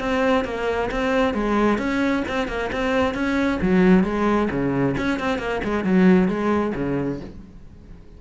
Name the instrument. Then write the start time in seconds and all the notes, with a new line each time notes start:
cello
0.00 C4
0.45 A#3
0.91 C4
1.34 G#3
1.78 C#4
2.28 C4
2.48 A#3
2.72 C4
3.14 C#4
3.62 F#3
4.04 G#3
4.51 C#3
4.97 C#4
5.19 C4
5.39 A#3
5.64 G#3
5.84 F#3
6.28 G#3
6.75 C#3